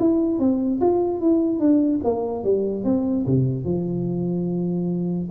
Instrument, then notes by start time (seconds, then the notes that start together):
tuba
0.00 E4
0.39 C4
0.81 F4
1.21 E4
1.60 D4
2.04 A#3
2.44 G3
2.85 C4
3.27 C3
3.65 F3